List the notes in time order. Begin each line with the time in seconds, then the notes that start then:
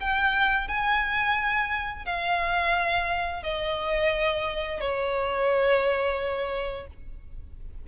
0.00 G5
0.67 G#5
2.05 F5
3.43 D#5
4.80 C#5